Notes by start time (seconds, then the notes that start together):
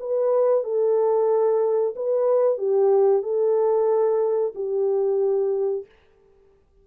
0.00 B4
0.64 A4
1.96 B4
2.58 G4
3.23 A4
4.55 G4